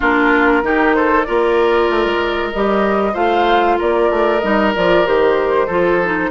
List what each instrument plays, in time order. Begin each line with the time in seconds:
0.00 bassoon A#3, clarinet D4, oboe F4, flute A#4
0.62 bassoon D#3, clarinet D#4, oboe G4
0.94 oboe A4, flute C5
1.23 bassoon A#3, clarinet F4, oboe A#4, flute D5
1.89 bassoon A3
2.05 bassoon G#3
2.52 bassoon G3, clarinet G4, flute D#5
3.13 bassoon A3, clarinet F4, oboe C5, flute F5
3.78 bassoon A#3, oboe A#4, flute D5
4.09 bassoon A3
4.39 bassoon G3, clarinet D#4, flute D#5
4.75 bassoon F3, clarinet F4, flute D5
5.05 bassoon D#3, clarinet G4, flute C5
5.67 bassoon F3, clarinet F4, oboe A4
6.04 clarinet D#4